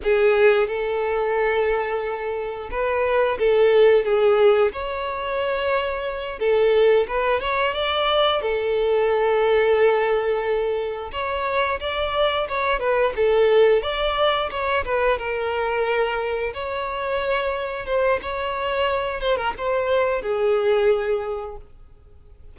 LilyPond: \new Staff \with { instrumentName = "violin" } { \time 4/4 \tempo 4 = 89 gis'4 a'2. | b'4 a'4 gis'4 cis''4~ | cis''4. a'4 b'8 cis''8 d''8~ | d''8 a'2.~ a'8~ |
a'8 cis''4 d''4 cis''8 b'8 a'8~ | a'8 d''4 cis''8 b'8 ais'4.~ | ais'8 cis''2 c''8 cis''4~ | cis''8 c''16 ais'16 c''4 gis'2 | }